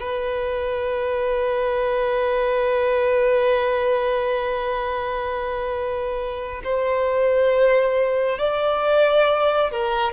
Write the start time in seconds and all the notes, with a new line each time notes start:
0.00 B4
6.64 C5
8.38 D5
9.71 A#4